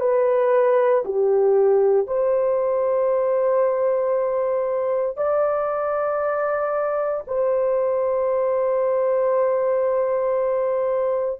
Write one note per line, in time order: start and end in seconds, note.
0.00 1.03 B4
1.05 2.06 G4
2.06 5.17 C5
5.17 7.24 D5
7.27 11.40 C5